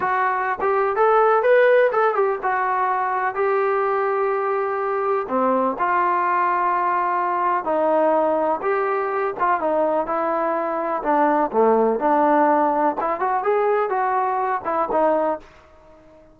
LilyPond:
\new Staff \with { instrumentName = "trombone" } { \time 4/4 \tempo 4 = 125 fis'4~ fis'16 g'8. a'4 b'4 | a'8 g'8 fis'2 g'4~ | g'2. c'4 | f'1 |
dis'2 g'4. f'8 | dis'4 e'2 d'4 | a4 d'2 e'8 fis'8 | gis'4 fis'4. e'8 dis'4 | }